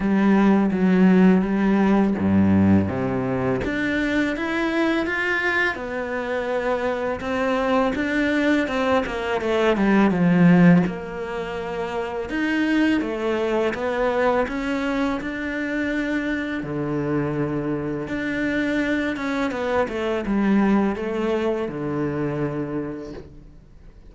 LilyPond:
\new Staff \with { instrumentName = "cello" } { \time 4/4 \tempo 4 = 83 g4 fis4 g4 g,4 | c4 d'4 e'4 f'4 | b2 c'4 d'4 | c'8 ais8 a8 g8 f4 ais4~ |
ais4 dis'4 a4 b4 | cis'4 d'2 d4~ | d4 d'4. cis'8 b8 a8 | g4 a4 d2 | }